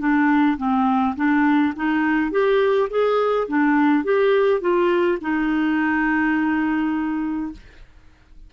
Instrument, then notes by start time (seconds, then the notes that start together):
clarinet
0.00 D4
0.58 C4
1.16 D4
1.76 D#4
2.32 G4
2.90 G#4
3.48 D4
4.04 G4
4.61 F4
5.21 D#4